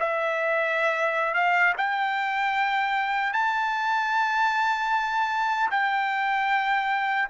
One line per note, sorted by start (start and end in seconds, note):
0.00 1.34 E5
1.34 1.74 F5
1.78 3.33 G5
3.33 5.70 A5
5.71 7.29 G5